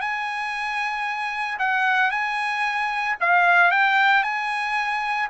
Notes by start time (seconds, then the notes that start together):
0.00 G#5
1.59 F#5
2.11 G#5
3.20 F5
3.71 G5
4.23 G#5